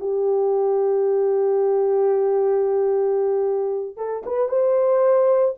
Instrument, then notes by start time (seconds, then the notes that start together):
horn
0.00 G4
3.97 A4
4.26 B4
4.49 C5